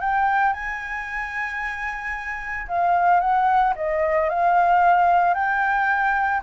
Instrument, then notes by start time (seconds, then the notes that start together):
flute
0.00 G5
0.53 G#5
2.68 F5
3.20 F#5
3.76 D#5
4.29 F5
5.34 G5